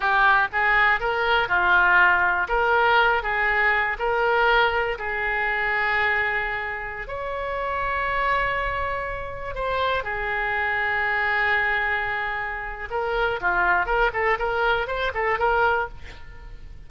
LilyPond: \new Staff \with { instrumentName = "oboe" } { \time 4/4 \tempo 4 = 121 g'4 gis'4 ais'4 f'4~ | f'4 ais'4. gis'4. | ais'2 gis'2~ | gis'2~ gis'16 cis''4.~ cis''16~ |
cis''2.~ cis''16 c''8.~ | c''16 gis'2.~ gis'8.~ | gis'2 ais'4 f'4 | ais'8 a'8 ais'4 c''8 a'8 ais'4 | }